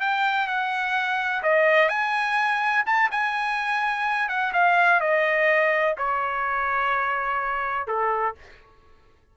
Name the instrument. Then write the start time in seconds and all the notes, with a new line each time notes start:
trumpet
0.00 G5
0.47 F#5
1.43 D#5
1.89 G#5
2.86 A5
3.11 G#5
4.29 F#5
4.53 F5
5.00 D#5
5.97 C#5
7.87 A4